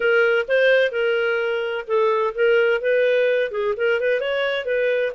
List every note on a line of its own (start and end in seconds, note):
0.00 0.46 A#4
0.48 0.91 C5
0.91 1.85 A#4
1.87 2.34 A4
2.35 2.81 A#4
2.81 3.51 B4
3.51 3.74 G#4
3.76 4.00 A#4
4.00 4.20 B4
4.20 4.65 C#5
4.65 5.12 B4